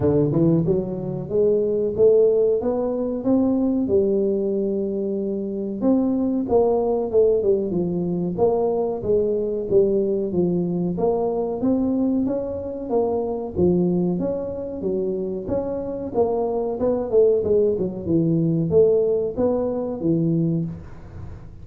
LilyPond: \new Staff \with { instrumentName = "tuba" } { \time 4/4 \tempo 4 = 93 d8 e8 fis4 gis4 a4 | b4 c'4 g2~ | g4 c'4 ais4 a8 g8 | f4 ais4 gis4 g4 |
f4 ais4 c'4 cis'4 | ais4 f4 cis'4 fis4 | cis'4 ais4 b8 a8 gis8 fis8 | e4 a4 b4 e4 | }